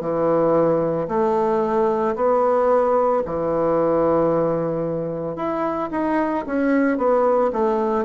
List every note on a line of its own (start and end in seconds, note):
0.00 1.07 E3
1.08 2.15 A3
2.16 3.23 B3
3.25 5.36 E3
5.36 5.89 E4
5.91 6.45 D#4
6.46 6.97 C#4
6.97 7.51 B3
7.52 8.05 A3